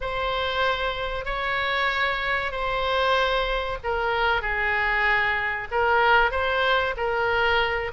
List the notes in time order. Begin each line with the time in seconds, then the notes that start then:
0.00 C5
1.25 C#5
2.51 C5
3.83 A#4
4.41 G#4
5.71 A#4
6.31 C5
6.96 A#4